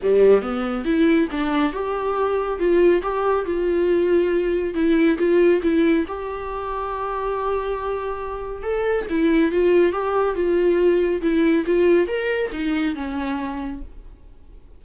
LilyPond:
\new Staff \with { instrumentName = "viola" } { \time 4/4 \tempo 4 = 139 g4 b4 e'4 d'4 | g'2 f'4 g'4 | f'2. e'4 | f'4 e'4 g'2~ |
g'1 | a'4 e'4 f'4 g'4 | f'2 e'4 f'4 | ais'4 dis'4 cis'2 | }